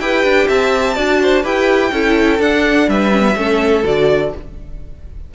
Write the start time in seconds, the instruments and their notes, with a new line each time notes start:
0.00 cello E4, viola G4, violin B4 G5
0.24 cello D4
0.48 cello C4, violin E5 A5
0.95 cello D4, viola F#4, violin D5
1.23 violin C5
1.43 cello E4, viola G4, violin B4 G5
1.92 cello C#4, viola E4, violin A4
2.39 cello D4, viola D4, violin F#5
2.88 cello G3, violin B4 E5
3.12 viola C#4
3.20 viola B3
3.36 cello A3, viola C#4, violin A4
3.84 cello D3, viola F#4, violin D5